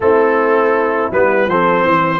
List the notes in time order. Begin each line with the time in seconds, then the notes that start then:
0.00 A3 C4 E4 A4
1.10 G3 B3 B4
1.47 F3 C4 A4 C5
1.83 E3 C5